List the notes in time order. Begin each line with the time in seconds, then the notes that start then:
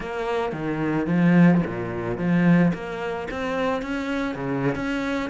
0.00 A#3
0.52 D#3
1.06 F3
1.66 A#2
2.17 F3
2.73 A#3
3.30 C4
3.82 C#4
4.35 C#3
4.75 C#4